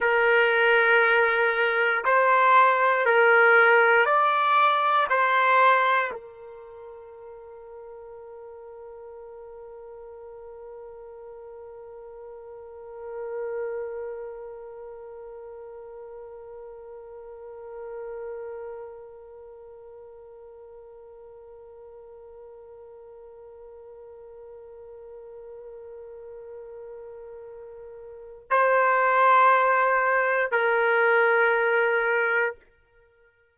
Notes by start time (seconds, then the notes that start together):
0.00 A#4
2.04 C5
3.05 A#4
4.05 D5
5.09 C5
6.11 A#4
28.50 C5
30.51 A#4